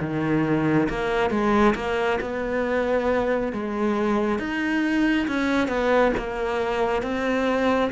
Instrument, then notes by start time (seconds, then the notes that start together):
cello
0.00 D#3
0.89 A#3
1.30 G#3
1.75 A#3
2.21 B3
3.53 G#3
4.39 D#4
5.27 C#4
5.68 B3
6.17 A#3
7.02 C4